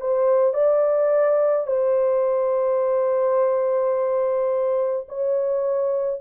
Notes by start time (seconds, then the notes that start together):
0.00 C5
0.54 D5
1.67 C5
5.08 C#5